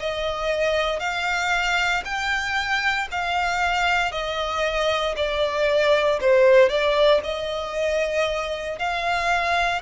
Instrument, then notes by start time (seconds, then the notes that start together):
violin
0.00 D#5
1.00 F5
2.05 G5
3.12 F5
4.12 D#5
5.17 D5
6.21 C5
6.70 D5
7.24 D#5
8.79 F5